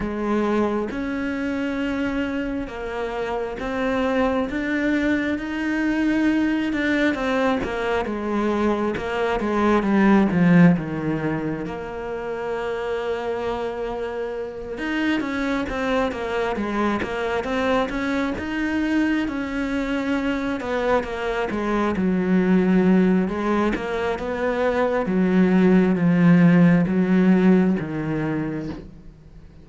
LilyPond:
\new Staff \with { instrumentName = "cello" } { \time 4/4 \tempo 4 = 67 gis4 cis'2 ais4 | c'4 d'4 dis'4. d'8 | c'8 ais8 gis4 ais8 gis8 g8 f8 | dis4 ais2.~ |
ais8 dis'8 cis'8 c'8 ais8 gis8 ais8 c'8 | cis'8 dis'4 cis'4. b8 ais8 | gis8 fis4. gis8 ais8 b4 | fis4 f4 fis4 dis4 | }